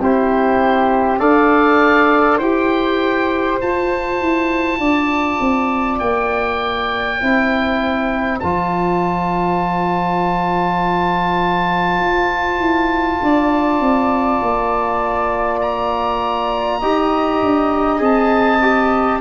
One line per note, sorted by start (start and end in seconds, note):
0.00 1.20 C4
0.00 1.19 E4
0.00 1.20 G4
0.00 1.20 C5
1.19 2.39 D4
1.19 2.39 A4
1.19 2.38 D5
1.19 2.39 F5
2.38 3.59 E4
2.38 3.60 G4
2.38 4.78 C5
2.38 3.59 G5
3.60 7.20 F4
3.60 4.21 F4
3.60 5.99 A5
4.21 4.79 E4
4.79 5.39 D4
4.79 7.19 D5
5.40 6.00 C4
5.99 7.21 A#3
5.99 8.39 G5
7.19 8.42 C4
7.19 8.40 E4
7.19 13.19 C5
8.40 11.99 F3
8.40 16.82 F4
8.40 15.60 A5
11.99 12.59 F4
12.60 13.20 E4
13.22 13.80 D4
13.22 16.79 D5
13.80 14.40 C4
14.42 16.82 A#3
15.61 18.01 A#5
16.79 17.42 D#4
16.79 17.98 G4
16.79 19.19 D#5
17.42 18.00 D4
17.98 19.20 C4
17.98 18.58 G#4
17.98 19.21 A5
18.62 19.21 G4